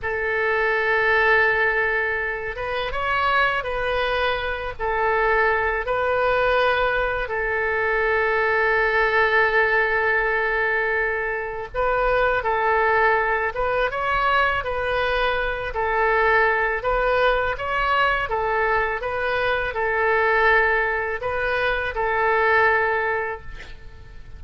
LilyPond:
\new Staff \with { instrumentName = "oboe" } { \time 4/4 \tempo 4 = 82 a'2.~ a'8 b'8 | cis''4 b'4. a'4. | b'2 a'2~ | a'1 |
b'4 a'4. b'8 cis''4 | b'4. a'4. b'4 | cis''4 a'4 b'4 a'4~ | a'4 b'4 a'2 | }